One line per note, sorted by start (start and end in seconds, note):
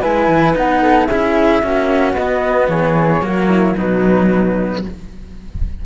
0.00 0.28 G#3
0.00 0.53 E4
0.00 0.80 B4
0.00 0.54 G#5
0.28 0.55 E3
0.53 1.08 B3
0.53 1.07 D#4
0.53 1.05 F#5
0.81 1.06 A4
1.05 1.62 C#4
1.05 1.62 E4
1.05 1.60 G#4
1.05 2.12 E5
1.62 2.12 A#3
1.62 2.16 C#4
1.62 2.70 F#4
2.12 2.66 B3
2.12 3.21 B3
2.12 2.68 D#5
2.68 3.21 E3
2.68 3.23 G#4
2.68 3.75 C#5
3.21 3.74 F#3
3.21 3.74 A#3
3.21 3.49 F#4
3.49 3.76 E4
3.76 4.84 B2
3.76 4.84 F#3
3.76 4.84 D#4
3.76 4.85 B4